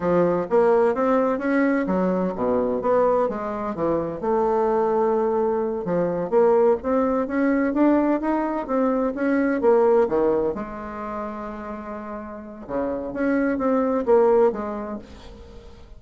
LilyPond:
\new Staff \with { instrumentName = "bassoon" } { \time 4/4 \tempo 4 = 128 f4 ais4 c'4 cis'4 | fis4 b,4 b4 gis4 | e4 a2.~ | a8 f4 ais4 c'4 cis'8~ |
cis'8 d'4 dis'4 c'4 cis'8~ | cis'8 ais4 dis4 gis4.~ | gis2. cis4 | cis'4 c'4 ais4 gis4 | }